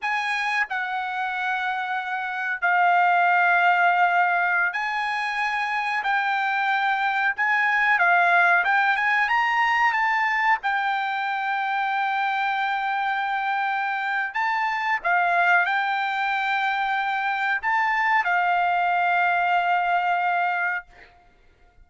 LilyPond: \new Staff \with { instrumentName = "trumpet" } { \time 4/4 \tempo 4 = 92 gis''4 fis''2. | f''2.~ f''16 gis''8.~ | gis''4~ gis''16 g''2 gis''8.~ | gis''16 f''4 g''8 gis''8 ais''4 a''8.~ |
a''16 g''2.~ g''8.~ | g''2 a''4 f''4 | g''2. a''4 | f''1 | }